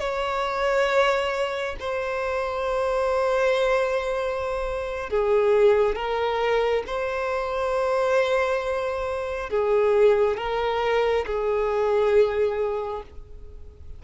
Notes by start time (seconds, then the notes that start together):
0.00 C#5
1.80 C5
5.10 G#4
5.96 A#4
6.87 C5
9.51 G#4
10.38 A#4
11.27 G#4